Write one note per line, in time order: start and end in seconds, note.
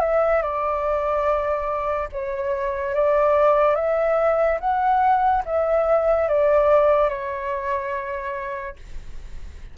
0.00 0.42 E5
0.42 2.08 D5
2.12 2.94 C#5
2.94 3.75 D5
3.75 4.58 E5
4.60 5.43 F#5
5.45 6.28 E5
6.28 7.09 D5
7.09 8.76 C#5